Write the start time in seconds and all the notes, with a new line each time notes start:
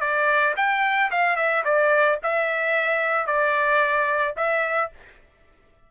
0.00 D5
0.57 G5
1.11 F5
1.36 E5
1.64 D5
2.23 E5
3.27 D5
4.37 E5